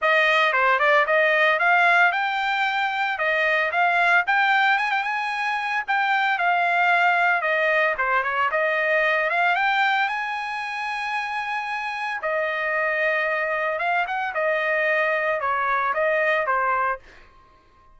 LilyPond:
\new Staff \with { instrumentName = "trumpet" } { \time 4/4 \tempo 4 = 113 dis''4 c''8 d''8 dis''4 f''4 | g''2 dis''4 f''4 | g''4 gis''16 g''16 gis''4. g''4 | f''2 dis''4 c''8 cis''8 |
dis''4. f''8 g''4 gis''4~ | gis''2. dis''4~ | dis''2 f''8 fis''8 dis''4~ | dis''4 cis''4 dis''4 c''4 | }